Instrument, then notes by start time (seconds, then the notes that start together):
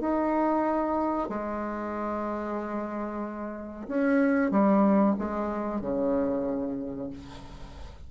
bassoon
0.00 D#4
1.29 G#3
3.87 C#4
4.51 G3
5.18 G#3
5.81 C#3